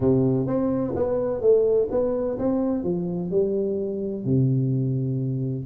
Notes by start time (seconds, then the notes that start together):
0.00 C3
0.46 C4
0.95 B3
1.41 A3
1.90 B3
2.38 C4
2.83 F3
3.30 G3
4.25 C3